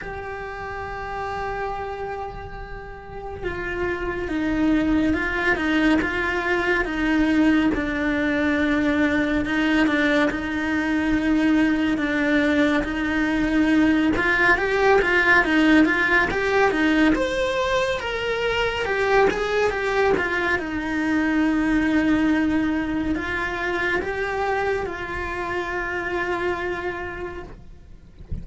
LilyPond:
\new Staff \with { instrumentName = "cello" } { \time 4/4 \tempo 4 = 70 g'1 | f'4 dis'4 f'8 dis'8 f'4 | dis'4 d'2 dis'8 d'8 | dis'2 d'4 dis'4~ |
dis'8 f'8 g'8 f'8 dis'8 f'8 g'8 dis'8 | c''4 ais'4 g'8 gis'8 g'8 f'8 | dis'2. f'4 | g'4 f'2. | }